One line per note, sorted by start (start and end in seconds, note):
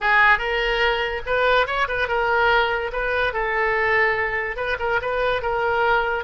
0.00 0.38 G#4
0.38 1.22 A#4
1.26 1.66 B4
1.66 1.87 C#5
1.87 2.08 B4
2.08 2.91 A#4
2.92 3.33 B4
3.33 4.56 A4
4.56 4.77 B4
4.79 5.00 A#4
5.01 5.41 B4
5.41 6.24 A#4